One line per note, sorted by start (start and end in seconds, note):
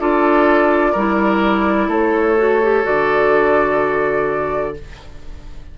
0.00 0.95 D4
0.00 0.95 F4
0.00 0.92 A4
0.00 1.91 D5
0.92 1.88 G3
0.92 2.38 E4
0.92 1.87 A#4
1.88 2.83 A3
1.88 4.74 A4
1.88 2.86 C#5
2.38 2.62 F#4
2.63 2.84 G4
2.84 4.78 D3
2.84 4.74 F#4
2.84 4.77 D5